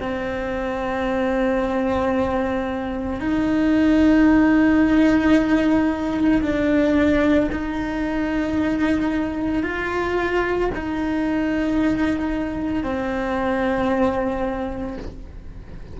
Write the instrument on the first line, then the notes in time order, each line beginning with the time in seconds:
cello
0.00 C4
3.20 D#4
6.42 D4
7.52 D#4
9.63 F4
10.74 D#4
12.83 C4